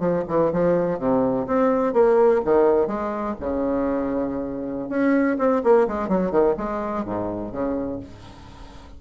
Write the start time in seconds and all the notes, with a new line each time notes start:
0.00 F3
0.28 E3
0.53 F3
0.99 C3
1.47 C4
1.94 A#3
2.45 D#3
2.88 G#3
3.40 C#3
4.90 C#4
5.39 C4
5.64 A#3
5.88 G#3
6.09 F#3
6.32 D#3
6.58 G#3
7.05 G#2
7.53 C#3